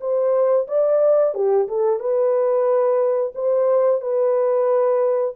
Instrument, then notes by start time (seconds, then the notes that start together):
horn
0.00 C5
0.68 D5
1.34 G4
1.68 A4
1.99 B4
3.35 C5
4.01 B4